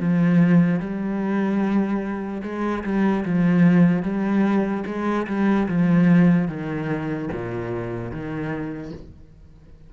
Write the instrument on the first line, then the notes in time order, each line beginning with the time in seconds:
cello
0.00 F3
0.80 G3
2.43 G#3
2.84 G3
3.25 F3
4.02 G3
4.86 G#3
5.27 G3
5.68 F3
6.48 D#3
7.32 A#2
8.11 D#3